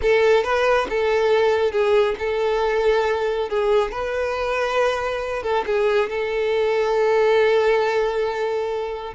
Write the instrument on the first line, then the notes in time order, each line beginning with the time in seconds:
violin
0.02 A4
0.43 B4
0.89 A4
1.71 G#4
2.18 A4
3.49 G#4
3.91 B4
5.42 A4
5.66 G#4
6.09 A4